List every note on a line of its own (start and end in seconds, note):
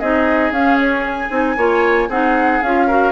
0.00 0.51 C4
0.00 0.54 D#4
0.00 1.57 G#4
0.00 0.52 D#5
0.51 1.29 C#4
0.51 1.30 C#4
0.51 0.79 F5
0.80 1.07 C#5
1.07 2.11 G#5
1.30 1.57 C4
1.30 1.56 D#4
1.57 2.09 A#3
1.57 2.11 F4
1.57 2.09 C#5
2.09 2.61 C4
2.09 2.63 D#4
2.09 2.87 G#4
2.09 2.63 F#5
2.63 3.12 C#4
2.63 2.90 F4
2.63 3.12 F5
2.87 3.12 F#4
2.87 3.12 A#4